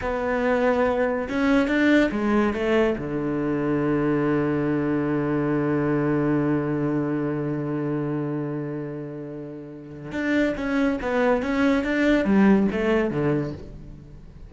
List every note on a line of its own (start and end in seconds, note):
0.01 1.28 B3
1.29 1.67 C#4
1.67 2.10 D4
2.11 2.53 G#3
2.53 2.95 A3
2.98 10.12 D3
10.12 10.54 D4
10.56 10.99 C#4
11.01 11.42 B3
11.42 11.84 C#4
11.84 12.24 D4
12.24 12.67 G3
12.71 13.10 A3
13.10 13.52 D3